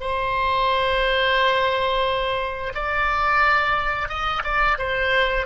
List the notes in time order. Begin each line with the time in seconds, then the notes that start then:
0.00 C5
2.75 D5
4.08 D#5
4.43 D5
4.78 C5